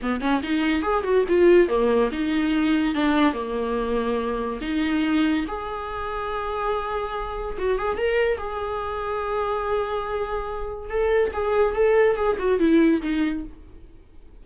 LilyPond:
\new Staff \with { instrumentName = "viola" } { \time 4/4 \tempo 4 = 143 b8 cis'8 dis'4 gis'8 fis'8 f'4 | ais4 dis'2 d'4 | ais2. dis'4~ | dis'4 gis'2.~ |
gis'2 fis'8 gis'8 ais'4 | gis'1~ | gis'2 a'4 gis'4 | a'4 gis'8 fis'8 e'4 dis'4 | }